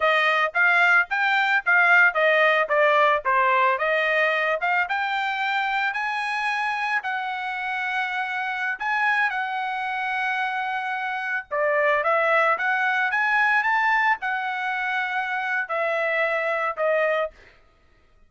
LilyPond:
\new Staff \with { instrumentName = "trumpet" } { \time 4/4 \tempo 4 = 111 dis''4 f''4 g''4 f''4 | dis''4 d''4 c''4 dis''4~ | dis''8 f''8 g''2 gis''4~ | gis''4 fis''2.~ |
fis''16 gis''4 fis''2~ fis''8.~ | fis''4~ fis''16 d''4 e''4 fis''8.~ | fis''16 gis''4 a''4 fis''4.~ fis''16~ | fis''4 e''2 dis''4 | }